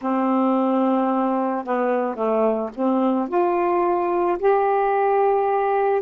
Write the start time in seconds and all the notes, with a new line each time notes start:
0.01 C4
1.64 B3
2.15 A3
2.74 C4
3.28 F4
4.38 G4